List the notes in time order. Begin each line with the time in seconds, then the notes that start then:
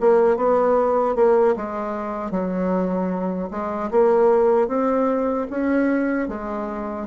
0.00 A#3
0.37 B3
1.16 A#3
1.56 G#3
2.31 F#3
3.51 G#3
3.91 A#3
4.68 C4
5.50 C#4
6.28 G#3